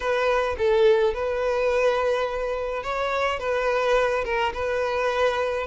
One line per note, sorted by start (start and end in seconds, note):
0.00 0.56 B4
0.57 1.13 A4
1.13 2.83 B4
2.83 3.39 C#5
3.39 4.24 B4
4.24 4.52 A#4
4.53 5.66 B4